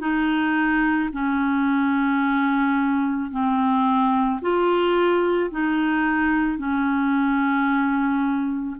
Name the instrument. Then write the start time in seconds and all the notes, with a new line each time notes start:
clarinet
0.00 D#4
1.12 C#4
3.31 C4
4.41 F4
5.50 D#4
6.58 C#4